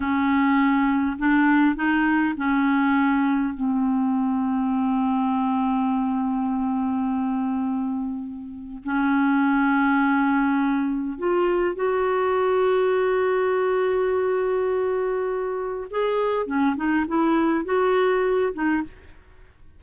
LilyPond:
\new Staff \with { instrumentName = "clarinet" } { \time 4/4 \tempo 4 = 102 cis'2 d'4 dis'4 | cis'2 c'2~ | c'1~ | c'2. cis'4~ |
cis'2. f'4 | fis'1~ | fis'2. gis'4 | cis'8 dis'8 e'4 fis'4. dis'8 | }